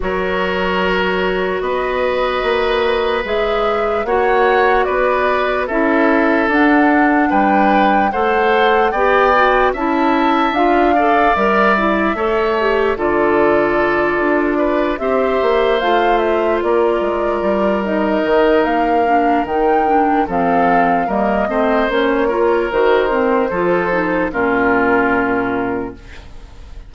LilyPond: <<
  \new Staff \with { instrumentName = "flute" } { \time 4/4 \tempo 4 = 74 cis''2 dis''2 | e''4 fis''4 d''4 e''4 | fis''4 g''4 fis''4 g''4 | a''4 f''4 e''2 |
d''2~ d''8 e''4 f''8 | e''8 d''4. dis''4 f''4 | g''4 f''4 dis''4 cis''4 | c''2 ais'2 | }
  \new Staff \with { instrumentName = "oboe" } { \time 4/4 ais'2 b'2~ | b'4 cis''4 b'4 a'4~ | a'4 b'4 c''4 d''4 | e''4. d''4. cis''4 |
a'2 b'8 c''4.~ | c''8 ais'2.~ ais'8~ | ais'4 a'4 ais'8 c''4 ais'8~ | ais'4 a'4 f'2 | }
  \new Staff \with { instrumentName = "clarinet" } { \time 4/4 fis'1 | gis'4 fis'2 e'4 | d'2 a'4 g'8 fis'8 | e'4 f'8 a'8 ais'8 e'8 a'8 g'8 |
f'2~ f'8 g'4 f'8~ | f'2 dis'4. d'8 | dis'8 d'8 c'4 ais8 c'8 cis'8 f'8 | fis'8 c'8 f'8 dis'8 cis'2 | }
  \new Staff \with { instrumentName = "bassoon" } { \time 4/4 fis2 b4 ais4 | gis4 ais4 b4 cis'4 | d'4 g4 a4 b4 | cis'4 d'4 g4 a4 |
d4. d'4 c'8 ais8 a8~ | a8 ais8 gis8 g4 dis8 ais4 | dis4 f4 g8 a8 ais4 | dis4 f4 ais,2 | }
>>